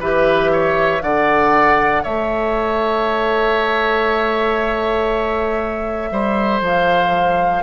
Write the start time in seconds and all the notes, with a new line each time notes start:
0.00 E3 G4 B4 E5
0.53 C#5
1.00 D3 A4 D5 F#5
2.03 A3 C#5 E5
6.11 G3 C5
6.61 F3 F5